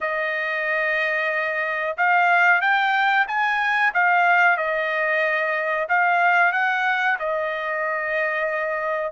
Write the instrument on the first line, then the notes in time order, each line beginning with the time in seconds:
trumpet
0.00 D#5
1.97 F5
2.61 G5
3.27 G#5
3.94 F5
4.57 D#5
5.89 F5
6.52 F#5
7.19 D#5